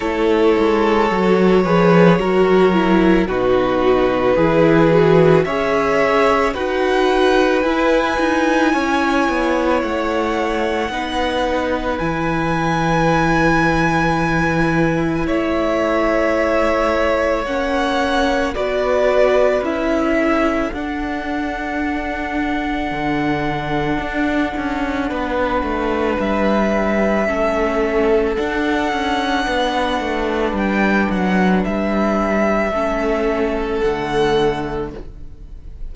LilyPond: <<
  \new Staff \with { instrumentName = "violin" } { \time 4/4 \tempo 4 = 55 cis''2. b'4~ | b'4 e''4 fis''4 gis''4~ | gis''4 fis''2 gis''4~ | gis''2 e''2 |
fis''4 d''4 e''4 fis''4~ | fis''1 | e''2 fis''2 | g''8 fis''8 e''2 fis''4 | }
  \new Staff \with { instrumentName = "violin" } { \time 4/4 a'4. b'8 ais'4 fis'4 | gis'4 cis''4 b'2 | cis''2 b'2~ | b'2 cis''2~ |
cis''4 b'4. a'4.~ | a'2. b'4~ | b'4 a'2 b'4~ | b'2 a'2 | }
  \new Staff \with { instrumentName = "viola" } { \time 4/4 e'4 fis'8 gis'8 fis'8 e'8 dis'4 | e'8 fis'8 gis'4 fis'4 e'4~ | e'2 dis'4 e'4~ | e'1 |
cis'4 fis'4 e'4 d'4~ | d'1~ | d'4 cis'4 d'2~ | d'2 cis'4 a4 | }
  \new Staff \with { instrumentName = "cello" } { \time 4/4 a8 gis8 fis8 f8 fis4 b,4 | e4 cis'4 dis'4 e'8 dis'8 | cis'8 b8 a4 b4 e4~ | e2 a2 |
ais4 b4 cis'4 d'4~ | d'4 d4 d'8 cis'8 b8 a8 | g4 a4 d'8 cis'8 b8 a8 | g8 fis8 g4 a4 d4 | }
>>